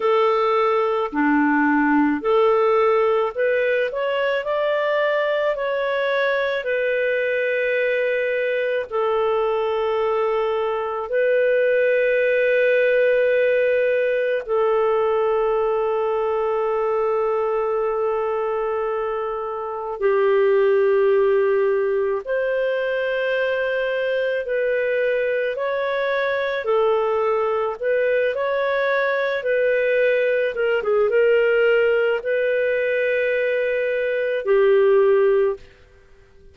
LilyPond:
\new Staff \with { instrumentName = "clarinet" } { \time 4/4 \tempo 4 = 54 a'4 d'4 a'4 b'8 cis''8 | d''4 cis''4 b'2 | a'2 b'2~ | b'4 a'2.~ |
a'2 g'2 | c''2 b'4 cis''4 | a'4 b'8 cis''4 b'4 ais'16 gis'16 | ais'4 b'2 g'4 | }